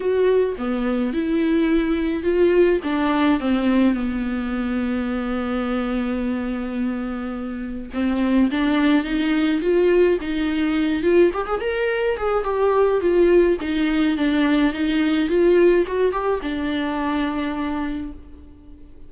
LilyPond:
\new Staff \with { instrumentName = "viola" } { \time 4/4 \tempo 4 = 106 fis'4 b4 e'2 | f'4 d'4 c'4 b4~ | b1~ | b2 c'4 d'4 |
dis'4 f'4 dis'4. f'8 | g'16 gis'16 ais'4 gis'8 g'4 f'4 | dis'4 d'4 dis'4 f'4 | fis'8 g'8 d'2. | }